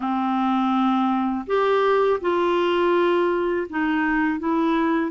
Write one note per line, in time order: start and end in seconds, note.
0.00 1.45 C4
1.46 2.20 G4
2.21 3.67 F4
3.69 4.39 D#4
4.39 5.11 E4